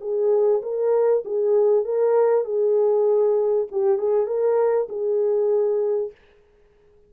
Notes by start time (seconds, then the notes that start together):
0.00 G#4
0.62 A#4
1.25 G#4
1.85 A#4
2.44 G#4
3.71 G4
3.98 G#4
4.26 A#4
4.89 G#4